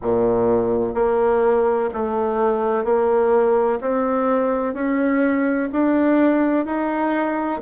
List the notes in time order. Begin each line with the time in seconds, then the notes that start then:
0.02 A#2
0.94 A#3
1.93 A3
2.84 A#3
3.81 C4
4.74 C#4
5.72 D4
6.65 D#4